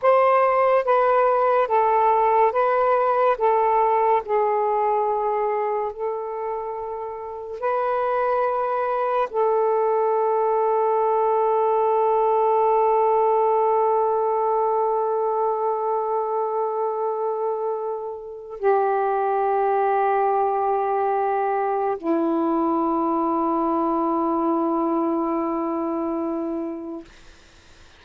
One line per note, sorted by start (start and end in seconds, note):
0.02 0.85 C5
0.85 1.67 B4
1.67 2.52 A4
2.52 3.36 B4
3.38 4.22 A4
4.25 5.92 G#4
5.92 7.59 A4
7.59 9.28 B4
9.30 18.59 A4
18.59 21.97 G4
21.97 27.04 E4